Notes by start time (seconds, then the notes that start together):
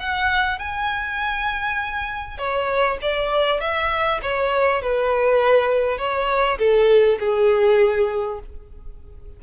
0.00 F#5
0.59 G#5
2.38 C#5
3.02 D5
3.61 E5
4.22 C#5
4.82 B4
5.98 C#5
6.58 A4
7.20 G#4